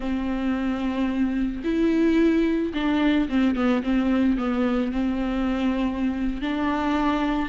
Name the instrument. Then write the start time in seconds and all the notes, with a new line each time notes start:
viola
0.00 C4
1.63 E4
2.73 D4
3.29 C4
3.55 B3
3.83 C4
4.37 B3
4.91 C4
6.41 D4